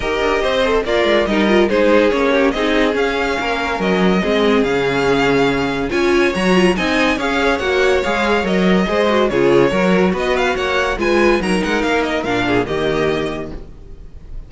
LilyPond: <<
  \new Staff \with { instrumentName = "violin" } { \time 4/4 \tempo 4 = 142 dis''2 d''4 dis''4 | c''4 cis''4 dis''4 f''4~ | f''4 dis''2 f''4~ | f''2 gis''4 ais''4 |
gis''4 f''4 fis''4 f''4 | dis''2 cis''2 | dis''8 f''8 fis''4 gis''4 ais''8 fis''8 | f''8 dis''8 f''4 dis''2 | }
  \new Staff \with { instrumentName = "violin" } { \time 4/4 ais'4 c''4 f'4 ais'4 | gis'4. g'8 gis'2 | ais'2 gis'2~ | gis'2 cis''2 |
dis''4 cis''2.~ | cis''4 c''4 gis'4 ais'4 | b'4 cis''4 b'4 ais'4~ | ais'4. gis'8 g'2 | }
  \new Staff \with { instrumentName = "viola" } { \time 4/4 g'4. a'8 ais'4 dis'8 f'8 | dis'4 cis'4 dis'4 cis'4~ | cis'2 c'4 cis'4~ | cis'2 f'4 fis'8 f'8 |
dis'4 gis'4 fis'4 gis'4 | ais'4 gis'8 fis'8 f'4 fis'4~ | fis'2 f'4 dis'4~ | dis'4 d'4 ais2 | }
  \new Staff \with { instrumentName = "cello" } { \time 4/4 dis'8 d'8 c'4 ais8 gis8 g4 | gis4 ais4 c'4 cis'4 | ais4 fis4 gis4 cis4~ | cis2 cis'4 fis4 |
c'4 cis'4 ais4 gis4 | fis4 gis4 cis4 fis4 | b4 ais4 gis4 fis8 gis8 | ais4 ais,4 dis2 | }
>>